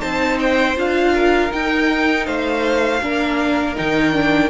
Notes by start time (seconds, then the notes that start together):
0.00 C4 D#4 C5 A5
0.40 G5
0.76 D4 F4 F5
1.15 A#4
1.51 D#4 G5
2.26 A3 C5 F5
3.02 A#3 D4 A#4
3.76 D#3 D#4 G5
4.13 D4